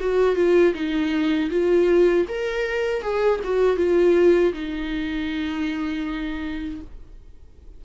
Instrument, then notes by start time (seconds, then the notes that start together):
viola
0.00 F#4
0.36 F4
0.74 D#4
1.51 F4
2.29 A#4
3.02 G#4
3.44 F#4
3.77 F4
4.53 D#4